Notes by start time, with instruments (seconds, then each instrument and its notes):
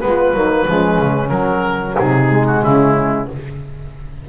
0.00 double bass G#3, trombone B3, saxophone F4, oboe B4
0.33 double bass F#3, trombone A#3, saxophone D#4
0.67 double bass F3, trombone G#3, saxophone C#4
0.98 double bass C#3
1.29 trombone F#3, double bass F#3, oboe A#4
1.97 double bass C3, saxophone D#4, oboe G#4
2.30 trombone G#3
2.46 oboe F#4
2.62 double bass C#3, saxophone C#4, oboe E4